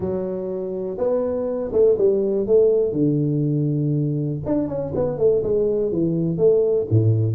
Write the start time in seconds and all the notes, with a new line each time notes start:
0.00 F#3
0.97 B3
1.72 A3
1.98 G3
2.46 A3
2.92 D3
4.45 D4
4.68 C#4
4.94 B3
5.18 A3
5.43 G#3
5.91 E3
6.37 A3
6.90 A2